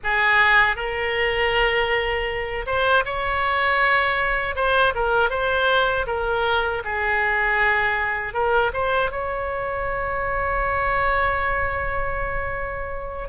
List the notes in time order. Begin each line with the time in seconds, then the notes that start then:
0.03 G#4
0.76 A#4
2.66 C5
3.05 C#5
4.55 C5
4.94 A#4
5.30 C5
6.06 A#4
6.84 G#4
8.33 A#4
8.73 C5
9.11 C#5